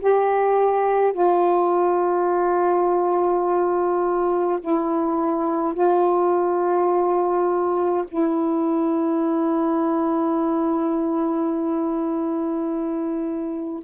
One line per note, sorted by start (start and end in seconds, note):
0.00 1.13 G4
1.13 4.59 F4
4.61 5.74 E4
5.74 8.05 F4
8.08 13.84 E4